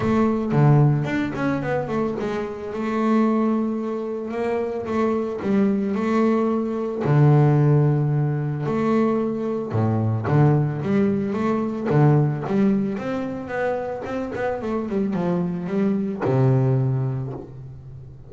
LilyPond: \new Staff \with { instrumentName = "double bass" } { \time 4/4 \tempo 4 = 111 a4 d4 d'8 cis'8 b8 a8 | gis4 a2. | ais4 a4 g4 a4~ | a4 d2. |
a2 a,4 d4 | g4 a4 d4 g4 | c'4 b4 c'8 b8 a8 g8 | f4 g4 c2 | }